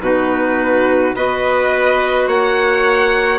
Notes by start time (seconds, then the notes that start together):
0.00 B2 D#4 F#4 B4
1.15 B3 F#4 B4 D#5
2.27 A#3 C#5 F#5